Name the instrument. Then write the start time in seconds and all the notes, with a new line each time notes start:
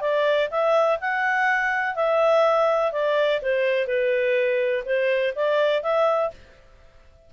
clarinet
0.00 D5
0.50 E5
1.00 F#5
1.95 E5
2.92 D5
3.42 C5
3.87 B4
4.85 C5
5.35 D5
5.82 E5